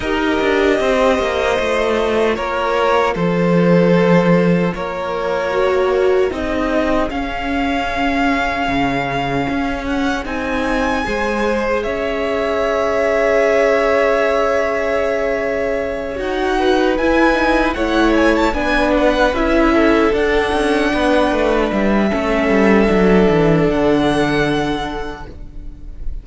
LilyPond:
<<
  \new Staff \with { instrumentName = "violin" } { \time 4/4 \tempo 4 = 76 dis''2. cis''4 | c''2 cis''2 | dis''4 f''2.~ | f''8 fis''8 gis''2 e''4~ |
e''1~ | e''8 fis''4 gis''4 fis''8 gis''16 a''16 gis''8 | fis''8 e''4 fis''2 e''8~ | e''2 fis''2 | }
  \new Staff \with { instrumentName = "violin" } { \time 4/4 ais'4 c''2 ais'4 | a'2 ais'2 | gis'1~ | gis'2 c''4 cis''4~ |
cis''1~ | cis''4 b'4. cis''4 b'8~ | b'4 a'4. b'4. | a'1 | }
  \new Staff \with { instrumentName = "viola" } { \time 4/4 g'2 f'2~ | f'2. fis'4 | dis'4 cis'2.~ | cis'4 dis'4 gis'2~ |
gis'1~ | gis'8 fis'4 e'8 dis'8 e'4 d'8~ | d'8 e'4 d'2~ d'8 | cis'4 d'2. | }
  \new Staff \with { instrumentName = "cello" } { \time 4/4 dis'8 d'8 c'8 ais8 a4 ais4 | f2 ais2 | c'4 cis'2 cis4 | cis'4 c'4 gis4 cis'4~ |
cis'1~ | cis'8 dis'4 e'4 a4 b8~ | b8 cis'4 d'8 cis'8 b8 a8 g8 | a8 g8 fis8 e8 d2 | }
>>